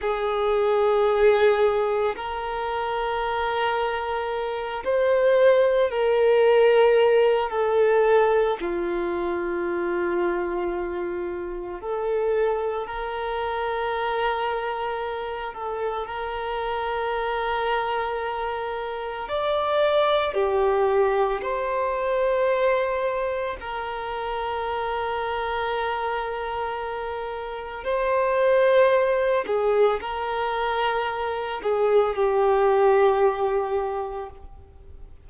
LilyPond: \new Staff \with { instrumentName = "violin" } { \time 4/4 \tempo 4 = 56 gis'2 ais'2~ | ais'8 c''4 ais'4. a'4 | f'2. a'4 | ais'2~ ais'8 a'8 ais'4~ |
ais'2 d''4 g'4 | c''2 ais'2~ | ais'2 c''4. gis'8 | ais'4. gis'8 g'2 | }